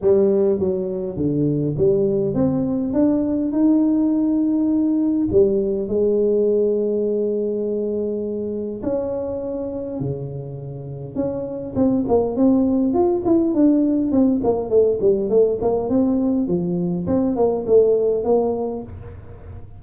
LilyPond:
\new Staff \with { instrumentName = "tuba" } { \time 4/4 \tempo 4 = 102 g4 fis4 d4 g4 | c'4 d'4 dis'2~ | dis'4 g4 gis2~ | gis2. cis'4~ |
cis'4 cis2 cis'4 | c'8 ais8 c'4 f'8 e'8 d'4 | c'8 ais8 a8 g8 a8 ais8 c'4 | f4 c'8 ais8 a4 ais4 | }